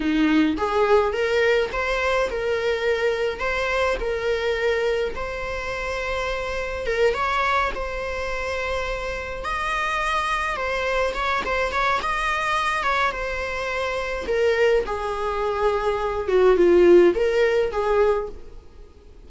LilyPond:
\new Staff \with { instrumentName = "viola" } { \time 4/4 \tempo 4 = 105 dis'4 gis'4 ais'4 c''4 | ais'2 c''4 ais'4~ | ais'4 c''2. | ais'8 cis''4 c''2~ c''8~ |
c''8 dis''2 c''4 cis''8 | c''8 cis''8 dis''4. cis''8 c''4~ | c''4 ais'4 gis'2~ | gis'8 fis'8 f'4 ais'4 gis'4 | }